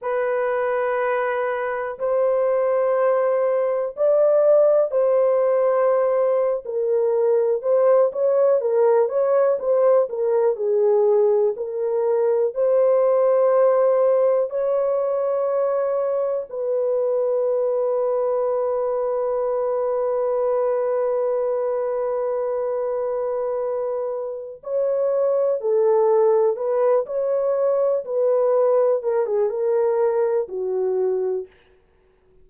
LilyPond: \new Staff \with { instrumentName = "horn" } { \time 4/4 \tempo 4 = 61 b'2 c''2 | d''4 c''4.~ c''16 ais'4 c''16~ | c''16 cis''8 ais'8 cis''8 c''8 ais'8 gis'4 ais'16~ | ais'8. c''2 cis''4~ cis''16~ |
cis''8. b'2.~ b'16~ | b'1~ | b'4 cis''4 a'4 b'8 cis''8~ | cis''8 b'4 ais'16 gis'16 ais'4 fis'4 | }